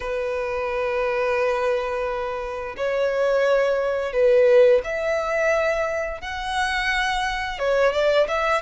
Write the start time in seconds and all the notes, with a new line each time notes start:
0.00 B4
2.76 C#5
4.12 B4
4.84 E5
6.21 F#5
7.58 C#5
7.92 D5
8.28 E5